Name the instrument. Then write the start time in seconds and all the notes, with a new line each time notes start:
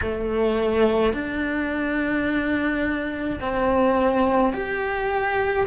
cello
0.01 A3
1.13 D4
3.40 C4
4.53 G4